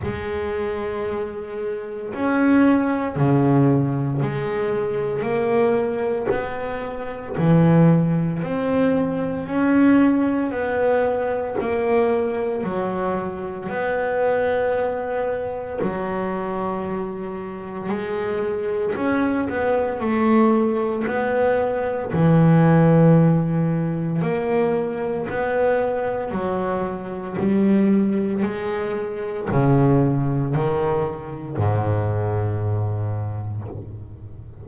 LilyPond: \new Staff \with { instrumentName = "double bass" } { \time 4/4 \tempo 4 = 57 gis2 cis'4 cis4 | gis4 ais4 b4 e4 | c'4 cis'4 b4 ais4 | fis4 b2 fis4~ |
fis4 gis4 cis'8 b8 a4 | b4 e2 ais4 | b4 fis4 g4 gis4 | cis4 dis4 gis,2 | }